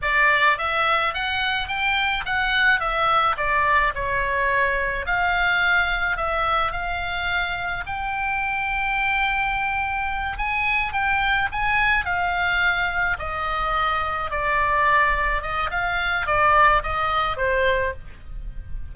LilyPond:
\new Staff \with { instrumentName = "oboe" } { \time 4/4 \tempo 4 = 107 d''4 e''4 fis''4 g''4 | fis''4 e''4 d''4 cis''4~ | cis''4 f''2 e''4 | f''2 g''2~ |
g''2~ g''8 gis''4 g''8~ | g''8 gis''4 f''2 dis''8~ | dis''4. d''2 dis''8 | f''4 d''4 dis''4 c''4 | }